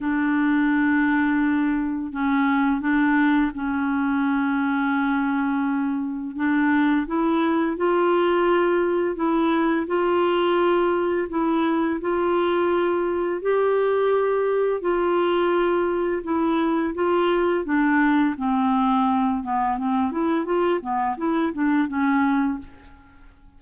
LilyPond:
\new Staff \with { instrumentName = "clarinet" } { \time 4/4 \tempo 4 = 85 d'2. cis'4 | d'4 cis'2.~ | cis'4 d'4 e'4 f'4~ | f'4 e'4 f'2 |
e'4 f'2 g'4~ | g'4 f'2 e'4 | f'4 d'4 c'4. b8 | c'8 e'8 f'8 b8 e'8 d'8 cis'4 | }